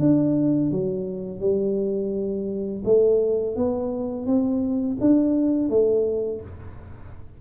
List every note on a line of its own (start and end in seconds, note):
0.00 0.71 D4
0.72 1.41 F#3
1.41 2.83 G3
2.85 3.56 A3
3.56 4.27 B3
4.27 4.98 C4
5.01 5.70 D4
5.70 6.42 A3